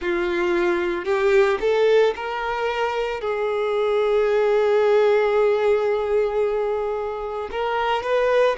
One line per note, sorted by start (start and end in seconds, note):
0.00 1.05 F4
1.05 1.58 G4
1.60 2.14 A4
2.15 3.20 A#4
3.20 7.49 G#4
7.50 8.02 A#4
8.02 8.56 B4